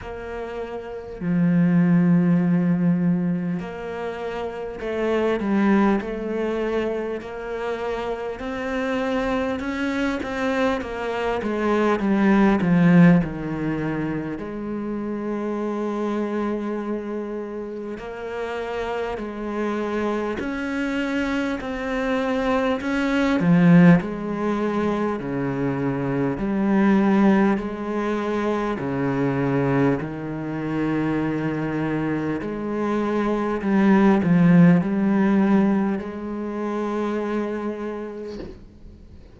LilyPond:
\new Staff \with { instrumentName = "cello" } { \time 4/4 \tempo 4 = 50 ais4 f2 ais4 | a8 g8 a4 ais4 c'4 | cis'8 c'8 ais8 gis8 g8 f8 dis4 | gis2. ais4 |
gis4 cis'4 c'4 cis'8 f8 | gis4 cis4 g4 gis4 | cis4 dis2 gis4 | g8 f8 g4 gis2 | }